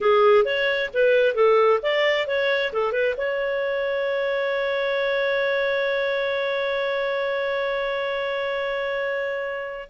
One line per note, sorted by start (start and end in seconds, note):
0.01 0.44 G#4
0.44 0.90 C#5
0.93 1.34 B4
1.34 1.79 A4
1.82 2.27 D5
2.27 2.72 C#5
2.72 2.92 A4
2.92 3.15 B4
3.17 9.89 C#5